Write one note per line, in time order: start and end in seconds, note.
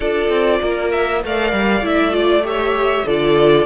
0.00 0.29 D4
0.00 1.23 F4
0.00 0.59 A4
0.00 0.91 D5
0.29 0.59 C4
0.61 1.24 A#3
0.61 1.22 A#4
0.91 1.22 E5
1.24 1.52 A3
1.24 1.82 A#4
1.24 2.47 D5
1.24 1.85 F5
1.52 1.80 G3
1.80 3.03 A3
1.80 2.11 E4
1.80 2.14 E5
2.11 2.41 F4
2.11 2.45 D5
2.43 3.04 G4
2.43 3.05 C#5
2.43 3.07 E5
3.05 3.66 D3
3.05 3.66 F4
3.05 3.66 A4
3.05 3.66 D5